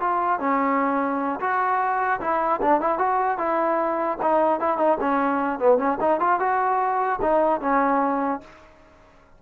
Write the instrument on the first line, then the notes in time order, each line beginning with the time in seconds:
trombone
0.00 F4
0.40 C#4
1.40 F#4
2.21 E4
2.62 D4
2.81 E4
2.99 F#4
3.38 E4
4.22 D#4
4.60 E4
4.78 D#4
5.01 C#4
5.59 B3
5.78 C#4
6.01 D#4
6.20 F4
6.40 F#4
7.22 D#4
7.61 C#4